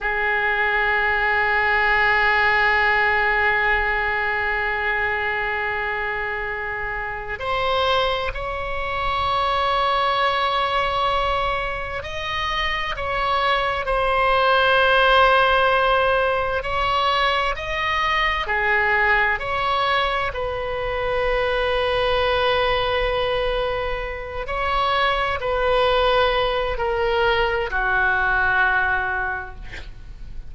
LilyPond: \new Staff \with { instrumentName = "oboe" } { \time 4/4 \tempo 4 = 65 gis'1~ | gis'1 | c''4 cis''2.~ | cis''4 dis''4 cis''4 c''4~ |
c''2 cis''4 dis''4 | gis'4 cis''4 b'2~ | b'2~ b'8 cis''4 b'8~ | b'4 ais'4 fis'2 | }